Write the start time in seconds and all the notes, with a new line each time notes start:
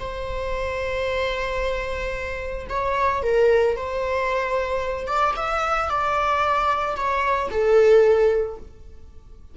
0.00 C5
2.70 C#5
3.23 A#4
3.77 C5
5.07 D5
5.37 E5
5.90 D5
6.96 C#5
7.51 A4